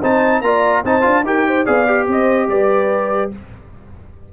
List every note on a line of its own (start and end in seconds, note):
0.00 0.41 C4
0.00 0.43 D#4
0.00 0.41 C5
0.00 0.42 A5
0.41 0.83 A#3
0.41 0.85 F4
0.41 0.83 D5
0.41 0.83 A#5
0.83 1.05 C4
0.83 1.02 D#4
0.83 1.24 C5
0.83 1.26 A5
1.02 1.23 D4
1.02 1.22 F4
1.23 1.65 D#4
1.23 1.66 G4
1.23 1.47 A#4
1.23 1.66 G5
1.47 1.65 C5
1.65 2.07 B3
1.65 1.87 G#4
1.65 2.07 D5
1.65 2.07 F5
1.87 3.31 G4
2.07 2.48 C4
2.07 2.49 C5
2.07 2.49 D#5
2.48 3.31 G3
2.48 3.33 B4
2.48 3.32 D5